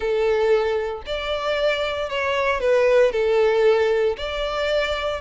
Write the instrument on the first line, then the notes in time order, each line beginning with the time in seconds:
violin
0.00 A4
1.06 D5
2.09 C#5
2.60 B4
3.12 A4
4.17 D5